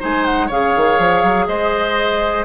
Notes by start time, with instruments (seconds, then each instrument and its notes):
0.00 bassoon G#3, clarinet D#4, oboe C5, flute G#5
0.25 flute F#5
0.47 bassoon C#3, clarinet G#4, oboe C#5, flute F5
0.76 bassoon D#3
0.99 bassoon F3
1.23 bassoon F#3
1.48 bassoon G#3, oboe C5, flute D#5